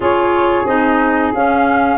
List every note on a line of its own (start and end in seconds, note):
0.00 0.64 C#4
0.00 0.65 F4
0.00 1.98 G#4
0.00 0.66 C#5
0.64 1.31 C4
0.64 1.33 D#4
0.64 1.32 D#5
1.33 1.98 C#4
1.33 1.98 F5